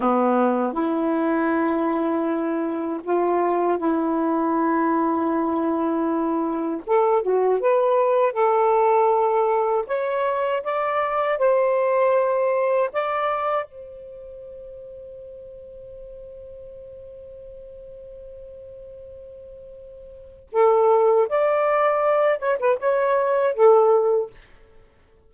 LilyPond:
\new Staff \with { instrumentName = "saxophone" } { \time 4/4 \tempo 4 = 79 b4 e'2. | f'4 e'2.~ | e'4 a'8 fis'8 b'4 a'4~ | a'4 cis''4 d''4 c''4~ |
c''4 d''4 c''2~ | c''1~ | c''2. a'4 | d''4. cis''16 b'16 cis''4 a'4 | }